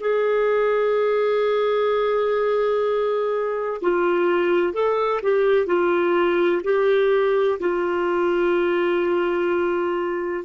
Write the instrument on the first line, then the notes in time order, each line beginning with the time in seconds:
clarinet
0.00 G#4
3.81 F4
4.74 A4
5.23 G4
5.67 F4
6.64 G4
7.60 F4